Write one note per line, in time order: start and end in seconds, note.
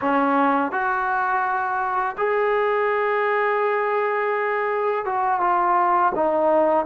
0.01 0.71 C#4
0.71 2.16 F#4
2.17 5.05 G#4
5.05 5.40 F#4
5.40 6.12 F4
6.14 6.85 D#4